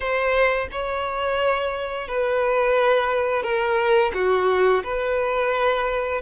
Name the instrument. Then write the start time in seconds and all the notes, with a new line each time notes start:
violin
0.00 C5
0.71 C#5
2.08 B4
3.42 A#4
4.14 F#4
4.83 B4